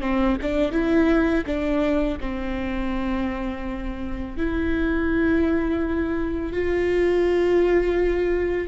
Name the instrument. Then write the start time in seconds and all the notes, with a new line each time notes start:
viola
0.00 C4
0.41 D4
0.71 E4
1.46 D4
2.20 C4
4.37 E4
6.52 F4